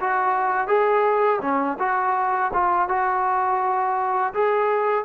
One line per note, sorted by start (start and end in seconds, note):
0.00 0.67 F#4
0.67 1.40 G#4
1.41 1.77 C#4
1.79 2.51 F#4
2.53 2.88 F4
2.88 4.33 F#4
4.33 5.05 G#4